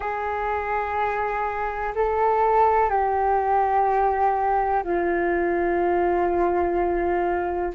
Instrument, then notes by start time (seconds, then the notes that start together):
flute
0.00 G#4
1.95 A4
2.89 G4
4.83 F4